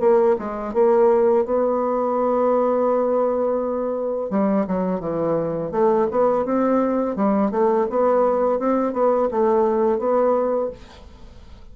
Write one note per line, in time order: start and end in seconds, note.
0.00 0.36 A#3
0.39 0.74 G#3
0.74 1.45 A#3
1.45 4.31 B3
4.31 4.66 G3
4.68 5.00 F#3
5.00 5.71 E3
5.72 6.07 A3
6.11 6.45 B3
6.45 7.16 C4
7.16 7.51 G3
7.51 7.87 A3
7.90 8.59 B3
8.59 8.93 C4
8.93 9.29 B3
9.31 9.99 A3
9.99 10.70 B3